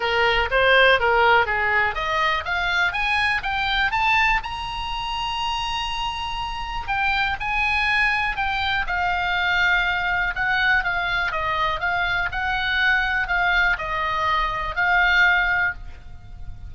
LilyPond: \new Staff \with { instrumentName = "oboe" } { \time 4/4 \tempo 4 = 122 ais'4 c''4 ais'4 gis'4 | dis''4 f''4 gis''4 g''4 | a''4 ais''2.~ | ais''2 g''4 gis''4~ |
gis''4 g''4 f''2~ | f''4 fis''4 f''4 dis''4 | f''4 fis''2 f''4 | dis''2 f''2 | }